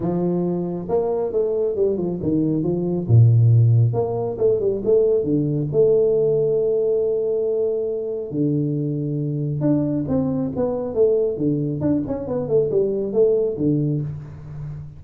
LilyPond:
\new Staff \with { instrumentName = "tuba" } { \time 4/4 \tempo 4 = 137 f2 ais4 a4 | g8 f8 dis4 f4 ais,4~ | ais,4 ais4 a8 g8 a4 | d4 a2.~ |
a2. d4~ | d2 d'4 c'4 | b4 a4 d4 d'8 cis'8 | b8 a8 g4 a4 d4 | }